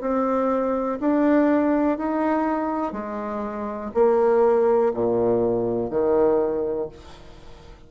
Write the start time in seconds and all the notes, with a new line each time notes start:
0.00 C4
1.00 D4
1.97 D#4
2.92 G#3
3.93 A#3
4.93 A#2
5.90 D#3